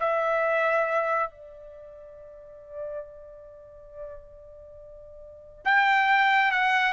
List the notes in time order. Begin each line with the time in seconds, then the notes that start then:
0.00 E5
1.30 D5
5.65 G5
6.51 F#5